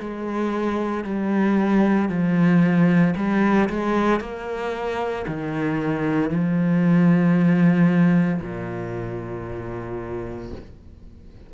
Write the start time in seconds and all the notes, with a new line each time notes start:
0.00 G#3
1.04 G3
2.09 F3
3.17 G3
3.70 G#3
4.21 A#3
5.28 D#3
6.31 F3
8.42 A#2